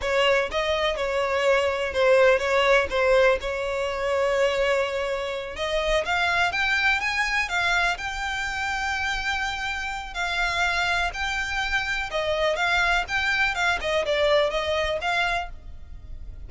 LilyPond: \new Staff \with { instrumentName = "violin" } { \time 4/4 \tempo 4 = 124 cis''4 dis''4 cis''2 | c''4 cis''4 c''4 cis''4~ | cis''2.~ cis''8 dis''8~ | dis''8 f''4 g''4 gis''4 f''8~ |
f''8 g''2.~ g''8~ | g''4 f''2 g''4~ | g''4 dis''4 f''4 g''4 | f''8 dis''8 d''4 dis''4 f''4 | }